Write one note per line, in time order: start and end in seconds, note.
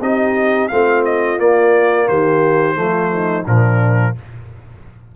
0.00 0.69 C4
0.00 0.70 D#4
0.00 0.71 G4
0.00 0.68 D#5
0.68 1.39 A3
0.68 1.38 C4
0.68 2.08 F4
0.68 1.02 F5
1.04 1.39 D#5
1.38 2.74 A#3
1.38 2.08 A#3
1.38 2.08 D5
2.08 2.77 D#3
2.08 2.77 G4
2.08 3.46 C5
2.74 3.46 F3
2.74 3.43 A3
2.74 3.13 F4
3.13 3.45 D#4
3.45 4.15 A#2
3.45 4.15 F3
3.45 4.14 D4
3.45 4.15 A#4